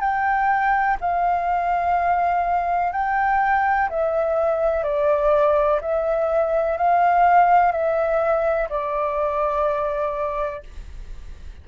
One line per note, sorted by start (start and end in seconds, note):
0.00 0.97 G5
1.00 2.92 F5
2.92 3.89 G5
3.89 4.83 E5
4.83 5.80 D5
5.81 6.77 E5
6.77 7.71 F5
7.71 8.68 E5
8.69 10.63 D5